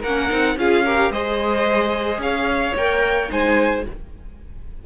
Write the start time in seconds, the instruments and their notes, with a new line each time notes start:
0.00 cello A#3, violin A#4 F#5
0.07 viola C#4
0.30 cello C4, viola D#4
0.56 cello C#4, viola F4, violin G#4 F5
0.85 viola G4, violin A#4
1.10 cello G#3, viola G#4, violin C5 D#5
2.18 cello C#4, violin C#5 F5
2.75 cello A#3, viola A#4, violin G5
3.28 cello G#3, viola D#4, violin C5 G#5